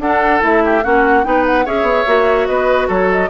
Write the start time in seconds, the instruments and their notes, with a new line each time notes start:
0.00 bassoon D4, clarinet D4, oboe A4, flute F#5
0.41 bassoon A3, clarinet E4, flute E5
0.65 oboe G4
0.84 bassoon A#3, clarinet C#4, oboe F#4, flute F#5
1.24 bassoon B3, clarinet D#4, oboe B4, flute G5
1.47 flute F#5
1.65 bassoon C#4, clarinet G#4, oboe C#5, flute E5
1.83 bassoon B3
2.07 bassoon A#3, clarinet F#4
2.47 bassoon B3, oboe B4, flute D#5
2.88 bassoon F#3, oboe A4, flute C#5
3.12 flute D#5